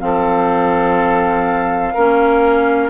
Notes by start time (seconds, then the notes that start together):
0.00 F3 C4 A4 F5
1.94 A#3 C#4 A#4